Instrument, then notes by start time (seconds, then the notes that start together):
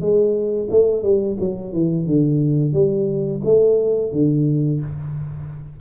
tuba
0.00 G#3
0.70 A3
1.03 G3
1.39 F#3
1.73 E3
2.06 D3
2.73 G3
3.44 A3
4.12 D3